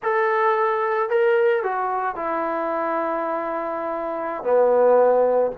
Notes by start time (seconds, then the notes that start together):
0.03 A4
1.09 A#4
1.63 F#4
2.15 E4
4.43 B3